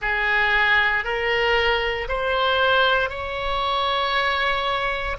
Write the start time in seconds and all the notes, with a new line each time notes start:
0.01 G#4
1.04 A#4
2.08 C5
3.09 C#5